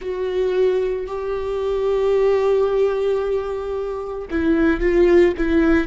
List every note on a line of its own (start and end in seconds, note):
0.01 1.07 F#4
1.07 4.28 G4
4.30 4.80 E4
4.80 5.34 F4
5.37 5.87 E4